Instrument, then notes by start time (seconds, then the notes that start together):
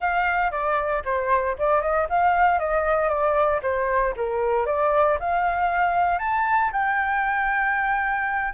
flute
0.00 F5
0.51 D5
1.04 C5
1.58 D5
1.81 D#5
2.09 F5
2.59 D#5
3.08 D5
3.62 C5
4.16 A#4
4.66 D5
5.19 F5
6.19 A5
6.72 G5